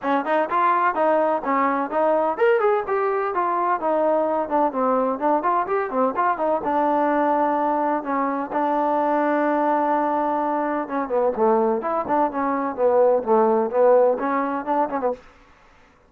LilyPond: \new Staff \with { instrumentName = "trombone" } { \time 4/4 \tempo 4 = 127 cis'8 dis'8 f'4 dis'4 cis'4 | dis'4 ais'8 gis'8 g'4 f'4 | dis'4. d'8 c'4 d'8 f'8 | g'8 c'8 f'8 dis'8 d'2~ |
d'4 cis'4 d'2~ | d'2. cis'8 b8 | a4 e'8 d'8 cis'4 b4 | a4 b4 cis'4 d'8 cis'16 b16 | }